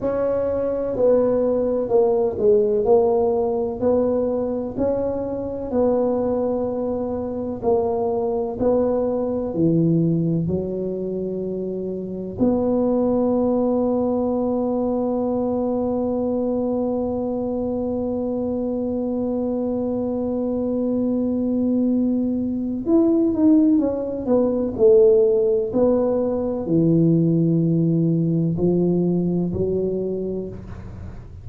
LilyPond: \new Staff \with { instrumentName = "tuba" } { \time 4/4 \tempo 4 = 63 cis'4 b4 ais8 gis8 ais4 | b4 cis'4 b2 | ais4 b4 e4 fis4~ | fis4 b2.~ |
b1~ | b1 | e'8 dis'8 cis'8 b8 a4 b4 | e2 f4 fis4 | }